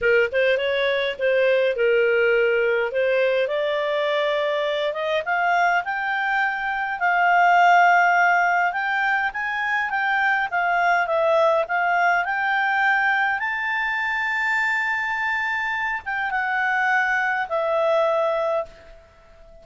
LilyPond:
\new Staff \with { instrumentName = "clarinet" } { \time 4/4 \tempo 4 = 103 ais'8 c''8 cis''4 c''4 ais'4~ | ais'4 c''4 d''2~ | d''8 dis''8 f''4 g''2 | f''2. g''4 |
gis''4 g''4 f''4 e''4 | f''4 g''2 a''4~ | a''2.~ a''8 g''8 | fis''2 e''2 | }